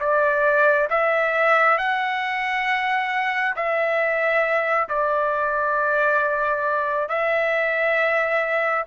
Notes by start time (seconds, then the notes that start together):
0.00 D5
0.90 E5
1.78 F#5
3.56 E5
4.89 D5
7.09 E5